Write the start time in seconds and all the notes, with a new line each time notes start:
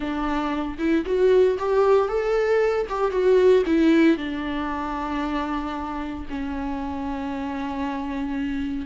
0.00 D4
0.78 E4
1.05 F#4
1.58 G4
2.08 A4
2.89 G4
3.11 F#4
3.65 E4
4.17 D4
6.29 C#4